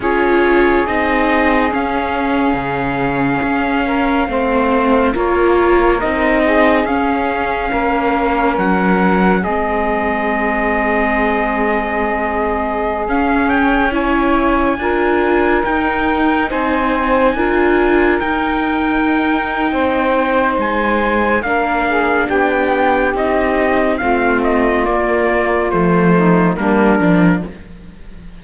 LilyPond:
<<
  \new Staff \with { instrumentName = "trumpet" } { \time 4/4 \tempo 4 = 70 cis''4 dis''4 f''2~ | f''2 cis''4 dis''4 | f''2 fis''4 dis''4~ | dis''2.~ dis''16 f''8 g''16~ |
g''16 gis''2 g''4 gis''8.~ | gis''4~ gis''16 g''2~ g''8. | gis''4 f''4 g''4 dis''4 | f''8 dis''8 d''4 c''4 ais'4 | }
  \new Staff \with { instrumentName = "saxophone" } { \time 4/4 gis'1~ | gis'8 ais'8 c''4 ais'4. gis'8~ | gis'4 ais'2 gis'4~ | gis'1~ |
gis'16 cis''4 ais'2 c''8.~ | c''16 ais'2~ ais'8. c''4~ | c''4 ais'8 gis'8 g'2 | f'2~ f'8 dis'8 d'4 | }
  \new Staff \with { instrumentName = "viola" } { \time 4/4 f'4 dis'4 cis'2~ | cis'4 c'4 f'4 dis'4 | cis'2. c'4~ | c'2.~ c'16 cis'8.~ |
cis'16 e'4 f'4 dis'4.~ dis'16~ | dis'16 f'4 dis'2~ dis'8.~ | dis'4 d'2 dis'4 | c'4 ais4 a4 ais8 d'8 | }
  \new Staff \with { instrumentName = "cello" } { \time 4/4 cis'4 c'4 cis'4 cis4 | cis'4 a4 ais4 c'4 | cis'4 ais4 fis4 gis4~ | gis2.~ gis16 cis'8.~ |
cis'4~ cis'16 d'4 dis'4 c'8.~ | c'16 d'4 dis'4.~ dis'16 c'4 | gis4 ais4 b4 c'4 | a4 ais4 f4 g8 f8 | }
>>